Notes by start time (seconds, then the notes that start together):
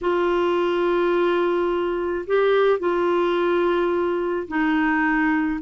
0.01 F4
2.26 G4
2.79 F4
4.47 D#4